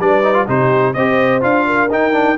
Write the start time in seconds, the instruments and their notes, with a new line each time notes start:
0.00 tuba G3, trombone D4, horn B4, trumpet D5
0.24 trombone D#4
0.34 trombone F4
0.47 tuba C3, trombone D#4, horn G4, trumpet C5
0.94 tuba C4, trombone G4, horn C5, trumpet D#5
1.41 tuba D4, trombone F4, trumpet F5
1.66 horn A#4
1.90 tuba D#4, trombone D#4, trumpet G5
2.13 trombone D4